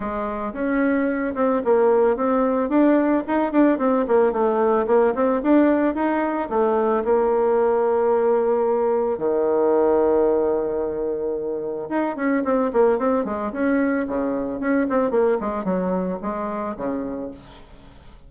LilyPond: \new Staff \with { instrumentName = "bassoon" } { \time 4/4 \tempo 4 = 111 gis4 cis'4. c'8 ais4 | c'4 d'4 dis'8 d'8 c'8 ais8 | a4 ais8 c'8 d'4 dis'4 | a4 ais2.~ |
ais4 dis2.~ | dis2 dis'8 cis'8 c'8 ais8 | c'8 gis8 cis'4 cis4 cis'8 c'8 | ais8 gis8 fis4 gis4 cis4 | }